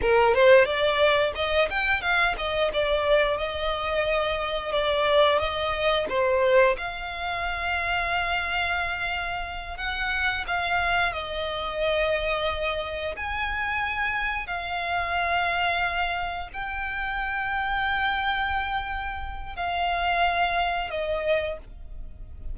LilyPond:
\new Staff \with { instrumentName = "violin" } { \time 4/4 \tempo 4 = 89 ais'8 c''8 d''4 dis''8 g''8 f''8 dis''8 | d''4 dis''2 d''4 | dis''4 c''4 f''2~ | f''2~ f''8 fis''4 f''8~ |
f''8 dis''2. gis''8~ | gis''4. f''2~ f''8~ | f''8 g''2.~ g''8~ | g''4 f''2 dis''4 | }